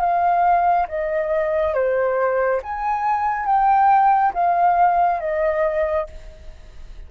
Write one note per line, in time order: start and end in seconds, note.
0.00 0.87 F5
0.88 1.74 D#5
1.74 2.61 C5
2.63 3.46 G#5
3.46 4.33 G5
4.34 5.20 F5
5.20 6.07 D#5